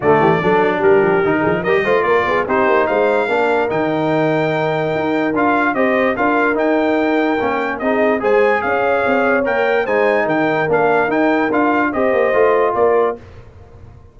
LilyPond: <<
  \new Staff \with { instrumentName = "trumpet" } { \time 4/4 \tempo 4 = 146 d''2 ais'2 | dis''4 d''4 c''4 f''4~ | f''4 g''2.~ | g''4 f''4 dis''4 f''4 |
g''2. dis''4 | gis''4 f''2 g''4 | gis''4 g''4 f''4 g''4 | f''4 dis''2 d''4 | }
  \new Staff \with { instrumentName = "horn" } { \time 4/4 fis'8 g'8 a'4 g'4. gis'8 | ais'8 c''8 ais'8 gis'8 g'4 c''4 | ais'1~ | ais'2 c''4 ais'4~ |
ais'2. gis'4 | c''4 cis''2. | c''4 ais'2.~ | ais'4 c''2 ais'4 | }
  \new Staff \with { instrumentName = "trombone" } { \time 4/4 a4 d'2 dis'4 | g'8 f'4. dis'2 | d'4 dis'2.~ | dis'4 f'4 g'4 f'4 |
dis'2 cis'4 dis'4 | gis'2. ais'4 | dis'2 d'4 dis'4 | f'4 g'4 f'2 | }
  \new Staff \with { instrumentName = "tuba" } { \time 4/4 d8 e8 fis4 g8 f8 dis8 f8 | g8 a8 ais8 b8 c'8 ais8 gis4 | ais4 dis2. | dis'4 d'4 c'4 d'4 |
dis'2 ais4 c'4 | gis4 cis'4 c'4 ais4 | gis4 dis4 ais4 dis'4 | d'4 c'8 ais8 a4 ais4 | }
>>